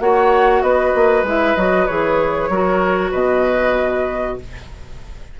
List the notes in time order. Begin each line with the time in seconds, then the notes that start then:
0.00 A#3 F#4 C#5 F#5
0.62 B3 B4 D#5
0.95 A#3
1.23 G#3 E4 E5
1.56 F#3 F#4 D#5
1.87 E3 G#4 C#5
2.49 F#3 F#4 A#4
3.11 B2 B4 D#5